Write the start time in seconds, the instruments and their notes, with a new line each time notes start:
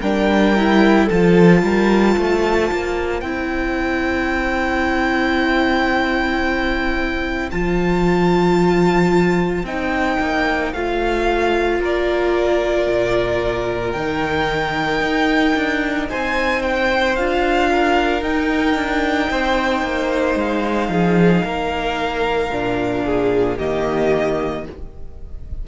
0.00 cello G3, viola D4, violin A#4 G5
0.56 viola E4
1.06 cello F3, viola F4, violin A4 A5
1.62 cello G3, violin A#4
2.17 cello A3, violin C5
2.71 cello A#3
3.21 cello C4, viola E4, violin G5
7.51 cello F3, viola F4, violin A5
9.63 cello C4, viola D#4, violin G5
10.20 cello A#3
10.73 cello A3, viola F4, violin F5
11.79 cello A#3, violin A#4 D5
12.87 cello A#2
13.91 cello D#3, violin G5
13.98 viola D#4
15.00 cello D#4
15.55 cello D4
16.09 cello C4, violin C5 G#5
16.62 violin G5
17.16 cello D4, viola F4, violin F5
17.71 violin A#4
18.21 cello D#4, viola D#4, violin G5
18.75 cello D4
19.30 cello C4, violin C5
19.82 cello A#3
20.35 cello G#3, violin F5
20.88 cello F3, violin G#4
21.44 cello A#3, violin A#4
22.50 cello A#2, viola D4
23.04 violin G#4
23.57 cello D#3, viola A#3, violin G4 D#5